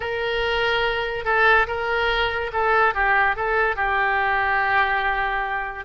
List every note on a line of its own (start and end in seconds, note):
0.00 1.24 A#4
1.25 1.66 A4
1.67 2.51 A#4
2.52 2.94 A4
2.94 3.36 G4
3.36 3.76 A4
3.76 5.85 G4